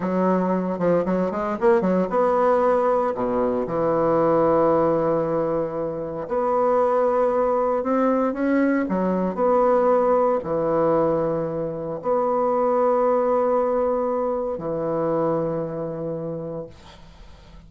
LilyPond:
\new Staff \with { instrumentName = "bassoon" } { \time 4/4 \tempo 4 = 115 fis4. f8 fis8 gis8 ais8 fis8 | b2 b,4 e4~ | e1 | b2. c'4 |
cis'4 fis4 b2 | e2. b4~ | b1 | e1 | }